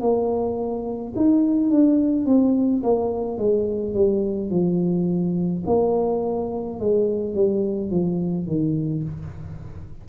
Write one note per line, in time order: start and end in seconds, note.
0.00 1.13 A#3
1.15 1.70 D#4
1.70 2.25 D4
2.25 2.82 C4
2.83 3.38 A#3
3.38 3.94 G#3
3.94 4.50 G3
4.50 5.63 F3
5.66 6.79 A#3
6.79 7.34 G#3
7.34 7.90 G3
7.90 8.46 F3
8.46 9.03 D#3